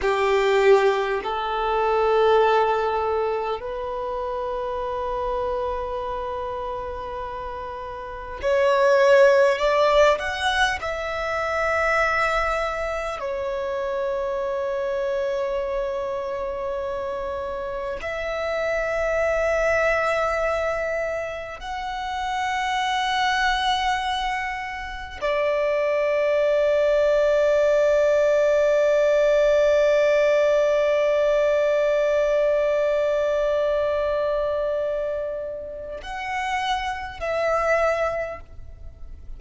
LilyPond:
\new Staff \with { instrumentName = "violin" } { \time 4/4 \tempo 4 = 50 g'4 a'2 b'4~ | b'2. cis''4 | d''8 fis''8 e''2 cis''4~ | cis''2. e''4~ |
e''2 fis''2~ | fis''4 d''2.~ | d''1~ | d''2 fis''4 e''4 | }